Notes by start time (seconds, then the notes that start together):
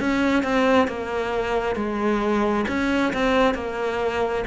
0.00 C#4
0.43 C4
0.87 A#3
1.75 G#3
2.68 C#4
3.13 C4
3.54 A#3